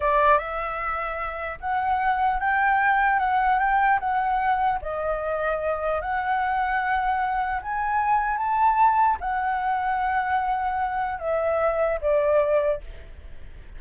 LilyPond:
\new Staff \with { instrumentName = "flute" } { \time 4/4 \tempo 4 = 150 d''4 e''2. | fis''2 g''2 | fis''4 g''4 fis''2 | dis''2. fis''4~ |
fis''2. gis''4~ | gis''4 a''2 fis''4~ | fis''1 | e''2 d''2 | }